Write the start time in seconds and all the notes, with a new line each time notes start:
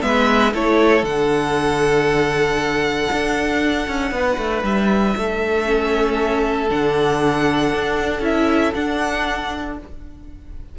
0.00 G#3 B3 B4 E5
0.53 A3 E4 A4 C#5
1.02 D3 D4 F#5
3.11 D4
3.87 C#4
4.11 B3 B4
4.37 A3
4.63 G3 E5
5.16 A3 A4
5.65 C#4
6.69 D3 D4 F#5
7.73 D4
8.20 C#4 E4 E5
8.74 D4 F#5